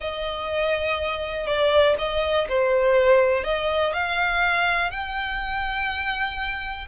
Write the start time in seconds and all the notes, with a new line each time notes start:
0.00 D#5
1.46 D5
1.98 D#5
2.48 C5
3.44 D#5
3.93 F5
4.90 G5